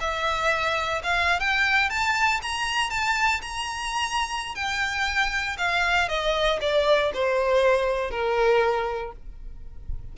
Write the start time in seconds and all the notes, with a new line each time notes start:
0.00 E5
1.03 F5
1.40 G5
1.90 A5
2.42 A#5
2.90 A5
3.42 A#5
4.55 G5
5.58 F5
6.09 D#5
6.61 D5
7.14 C5
8.11 A#4